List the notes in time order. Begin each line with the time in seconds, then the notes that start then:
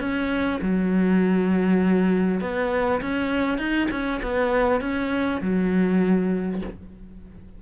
0.00 C#4
0.62 F#3
2.41 B3
3.01 C#4
3.58 D#4
3.91 C#4
4.23 B3
4.81 C#4
5.41 F#3